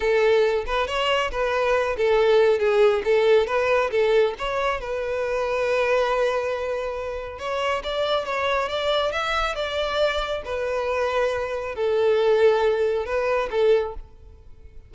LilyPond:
\new Staff \with { instrumentName = "violin" } { \time 4/4 \tempo 4 = 138 a'4. b'8 cis''4 b'4~ | b'8 a'4. gis'4 a'4 | b'4 a'4 cis''4 b'4~ | b'1~ |
b'4 cis''4 d''4 cis''4 | d''4 e''4 d''2 | b'2. a'4~ | a'2 b'4 a'4 | }